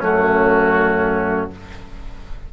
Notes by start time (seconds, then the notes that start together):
0.00 F#2 A3 C#4 F#4